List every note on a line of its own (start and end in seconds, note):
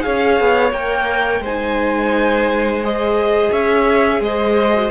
0.00 0.40 C#4
0.00 0.70 G#4
0.00 1.42 C#5
0.00 0.72 F5
0.40 0.72 B3
0.72 1.40 A#3
0.72 1.43 A#4
0.72 1.42 G5
1.40 3.49 G#3
1.40 3.51 C5
1.40 2.84 G#5
1.46 2.83 D#4
2.83 4.72 G#4
2.83 3.52 D#5
3.51 4.20 C#4
3.51 4.21 C#5
3.51 4.22 E5
4.20 4.90 G#3
4.20 4.91 C5
4.20 4.91 D#5
4.72 4.90 F#4